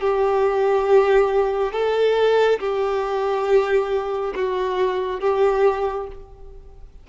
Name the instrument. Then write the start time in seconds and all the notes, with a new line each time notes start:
violin
0.00 G4
1.72 A4
2.59 G4
4.35 F#4
5.20 G4